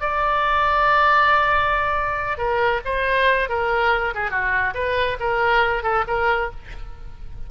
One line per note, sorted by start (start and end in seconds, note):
0.00 2.37 D5
2.37 2.81 A#4
2.85 3.49 C5
3.49 4.14 A#4
4.14 4.30 G#4
4.30 4.74 F#4
4.74 5.17 B4
5.19 5.83 A#4
5.83 6.05 A4
6.07 6.50 A#4